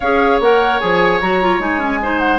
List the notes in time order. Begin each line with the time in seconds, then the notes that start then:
0.00 C#4 G#4 C#5 F5
0.40 A#3 A#4 F#5
0.79 F3 G#4 G#5
1.20 F#3 F#4 A#5
1.42 F4
1.59 G#3 D#4 G#5
1.79 C#4
2.02 D#4 C5
2.18 F#5